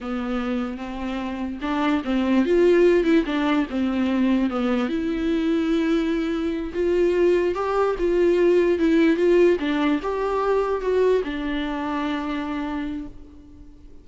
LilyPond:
\new Staff \with { instrumentName = "viola" } { \time 4/4 \tempo 4 = 147 b2 c'2 | d'4 c'4 f'4. e'8 | d'4 c'2 b4 | e'1~ |
e'8 f'2 g'4 f'8~ | f'4. e'4 f'4 d'8~ | d'8 g'2 fis'4 d'8~ | d'1 | }